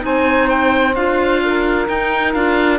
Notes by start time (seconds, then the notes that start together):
0.00 C4 D#4 C5 G#5
0.49 G5
0.96 D4 F4 F5
1.44 A#4
1.87 D#4 G5
2.34 D4 F4 F5